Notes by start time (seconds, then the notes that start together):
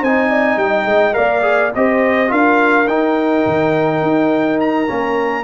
0.00 C4 D#4 C5 G#5
0.30 D5
0.57 G3 D#5 G5
0.85 G#3
1.13 A#3 A#4 D5 F5
1.42 G#4
1.75 C4 G4 C5 D#5
2.28 D4 F4 A#4 F5
2.87 D#4 G5
3.46 D#3
4.02 D#4
4.60 A#5
4.87 A#3 C#4